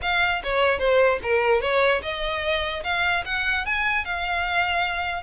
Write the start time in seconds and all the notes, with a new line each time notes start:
0.02 F5
0.43 C#5
0.79 C5
1.22 A#4
1.61 C#5
2.02 D#5
2.83 F5
3.25 F#5
3.65 G#5
4.05 F5